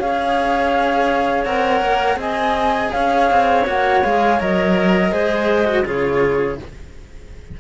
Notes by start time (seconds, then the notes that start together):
0.00 C#4 G#4 C#5 F5
1.45 C4 A#4 F#5
1.82 A#3
2.16 C4 G#4 D#5 G#5
2.92 C#4 C#5 F5
3.31 C4
3.66 A#3 F#4 F#5
4.04 G#3 G#4 F5
4.40 F#3 A#4 D#5
5.11 G#3 G#4 C5
5.66 F#4
5.85 C#3 F4 G#4 C#5